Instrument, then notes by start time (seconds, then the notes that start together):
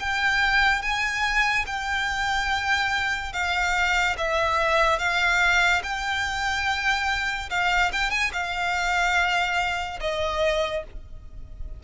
violin
0.00 G5
0.82 G#5
1.67 G5
3.33 F5
4.18 E5
4.99 F5
5.83 G5
7.50 F5
7.92 G5
8.11 G#5
8.33 F5
10.00 D#5